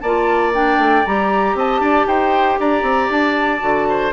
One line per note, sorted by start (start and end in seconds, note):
0.00 0.78 A#3
0.00 0.53 F4
0.00 1.56 D5
0.00 0.51 A5
0.53 1.04 D4
0.53 1.05 G5
0.78 1.04 A3
1.05 1.54 G3
1.05 3.60 G4
1.05 1.57 A#5
1.54 1.80 C4
1.54 1.81 D#5
1.54 2.07 A5
1.80 2.06 D4
1.80 2.06 D5
2.07 2.58 D#4
2.07 2.59 C5
2.07 2.58 G5
2.59 2.82 D4
2.59 3.88 D5
2.59 3.11 A#5
2.82 3.08 C4
3.09 3.61 D4
3.09 4.13 A5
3.60 4.13 D3
3.60 4.11 F#4
3.88 4.13 C5